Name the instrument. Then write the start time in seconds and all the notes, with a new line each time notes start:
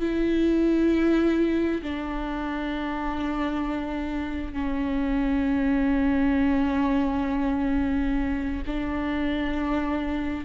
viola
0.00 E4
1.82 D4
4.53 C#4
8.67 D4